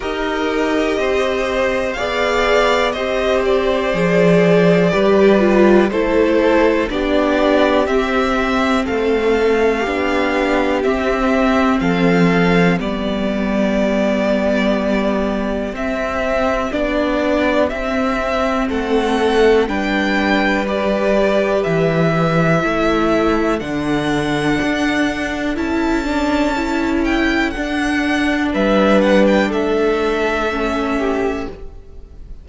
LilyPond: <<
  \new Staff \with { instrumentName = "violin" } { \time 4/4 \tempo 4 = 61 dis''2 f''4 dis''8 d''8~ | d''2 c''4 d''4 | e''4 f''2 e''4 | f''4 d''2. |
e''4 d''4 e''4 fis''4 | g''4 d''4 e''2 | fis''2 a''4. g''8 | fis''4 e''8 fis''16 g''16 e''2 | }
  \new Staff \with { instrumentName = "violin" } { \time 4/4 ais'4 c''4 d''4 c''4~ | c''4 b'4 a'4 g'4~ | g'4 a'4 g'2 | a'4 g'2.~ |
g'2. a'4 | b'2. a'4~ | a'1~ | a'4 b'4 a'4. g'8 | }
  \new Staff \with { instrumentName = "viola" } { \time 4/4 g'2 gis'4 g'4 | gis'4 g'8 f'8 e'4 d'4 | c'2 d'4 c'4~ | c'4 b2. |
c'4 d'4 c'2 | d'4 g'2 e'4 | d'2 e'8 d'8 e'4 | d'2. cis'4 | }
  \new Staff \with { instrumentName = "cello" } { \time 4/4 dis'4 c'4 b4 c'4 | f4 g4 a4 b4 | c'4 a4 b4 c'4 | f4 g2. |
c'4 b4 c'4 a4 | g2 e4 a4 | d4 d'4 cis'2 | d'4 g4 a2 | }
>>